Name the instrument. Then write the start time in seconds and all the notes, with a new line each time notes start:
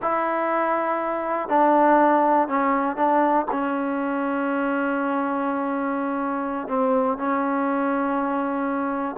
trombone
0.02 E4
1.48 D4
2.47 C#4
2.96 D4
3.51 C#4
6.68 C4
7.17 C#4